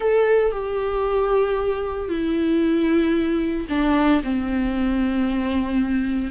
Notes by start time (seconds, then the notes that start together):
0.00 A4
0.51 G4
2.09 E4
3.69 D4
4.23 C4